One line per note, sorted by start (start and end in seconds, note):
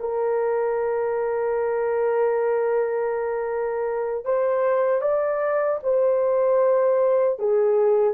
0.00 4.25 A#4
4.25 5.02 C5
5.02 5.80 D5
5.83 7.39 C5
7.40 8.14 G#4